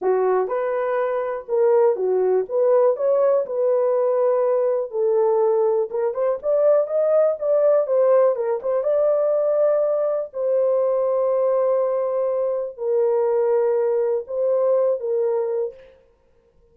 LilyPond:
\new Staff \with { instrumentName = "horn" } { \time 4/4 \tempo 4 = 122 fis'4 b'2 ais'4 | fis'4 b'4 cis''4 b'4~ | b'2 a'2 | ais'8 c''8 d''4 dis''4 d''4 |
c''4 ais'8 c''8 d''2~ | d''4 c''2.~ | c''2 ais'2~ | ais'4 c''4. ais'4. | }